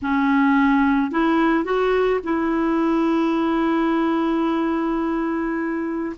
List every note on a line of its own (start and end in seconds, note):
0.02 1.11 C#4
1.11 1.64 E4
1.64 2.20 F#4
2.23 6.16 E4